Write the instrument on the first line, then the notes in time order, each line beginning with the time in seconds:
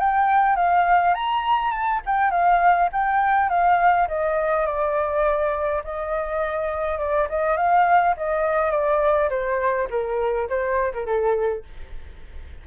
flute
0.00 G5
0.56 F5
1.15 A#5
1.72 A5
2.06 G5
2.31 F5
2.93 G5
3.50 F5
4.09 D#5
4.66 D5
5.84 D#5
6.99 D5
7.29 D#5
7.57 F5
8.17 D#5
8.71 D5
9.30 C5
9.90 A#4
10.50 C5
10.94 A#4
11.06 A4